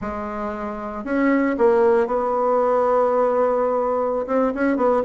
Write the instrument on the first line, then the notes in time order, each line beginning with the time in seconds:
bassoon
0.01 G#3
1.04 C#4
1.58 A#3
2.06 B3
4.26 C4
4.54 C#4
4.76 B3